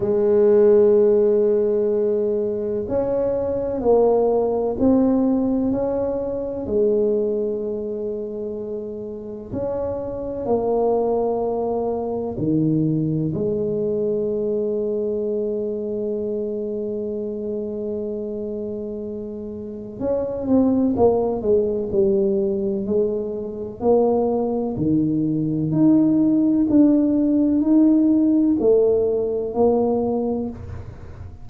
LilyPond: \new Staff \with { instrumentName = "tuba" } { \time 4/4 \tempo 4 = 63 gis2. cis'4 | ais4 c'4 cis'4 gis4~ | gis2 cis'4 ais4~ | ais4 dis4 gis2~ |
gis1~ | gis4 cis'8 c'8 ais8 gis8 g4 | gis4 ais4 dis4 dis'4 | d'4 dis'4 a4 ais4 | }